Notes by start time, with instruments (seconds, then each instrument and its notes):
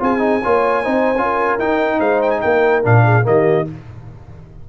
0.00 tuba C4, trombone F4, horn G#4, trumpet G#5
0.19 trombone D#4
0.43 tuba A#3, trombone F4, horn C#5
0.84 tuba C4, trombone D#4, horn C5
1.16 tuba C#4, trombone F4
1.23 horn A#4
1.59 tuba D#4, trombone D#4, trumpet G5
1.99 tuba G#3, horn C5, trumpet F5
2.22 trumpet G5
2.31 trumpet G#5
2.42 tuba A#3, horn A#4, trumpet G5
2.84 tuba A#2, trombone D4, trumpet F5
3.05 horn G#4
3.23 tuba D#3, trombone A#3, horn G4, trumpet D#5